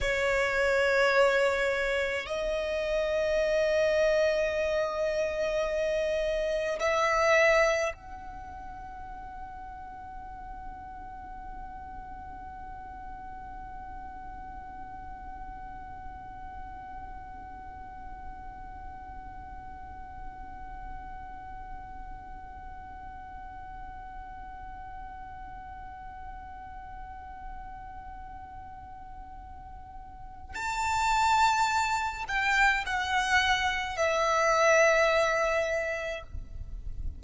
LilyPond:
\new Staff \with { instrumentName = "violin" } { \time 4/4 \tempo 4 = 53 cis''2 dis''2~ | dis''2 e''4 fis''4~ | fis''1~ | fis''1~ |
fis''1~ | fis''1~ | fis''2. a''4~ | a''8 g''8 fis''4 e''2 | }